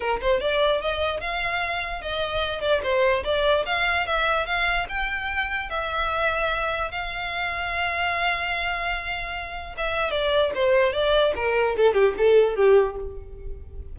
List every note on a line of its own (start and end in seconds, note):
0.00 0.20 A#4
0.21 0.40 C5
0.40 0.81 D5
0.81 1.20 D#5
1.20 2.01 F5
2.01 2.61 D#5
2.61 2.81 D5
2.83 3.23 C5
3.24 3.64 D5
3.65 4.06 F5
4.06 4.46 E5
4.46 4.86 F5
4.89 5.69 G5
5.69 6.91 E5
6.91 9.75 F5
9.77 10.11 E5
10.11 10.51 D5
10.54 10.93 C5
10.93 11.33 D5
11.35 11.76 A#4
11.76 11.93 A4
11.93 12.14 G4
12.17 12.55 A4
12.55 12.96 G4